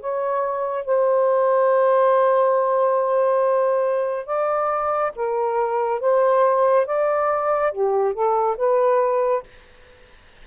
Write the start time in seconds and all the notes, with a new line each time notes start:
0.00 C#5
0.85 C5
4.26 D5
5.15 A#4
6.00 C5
6.86 D5
7.72 G4
8.14 A4
8.58 B4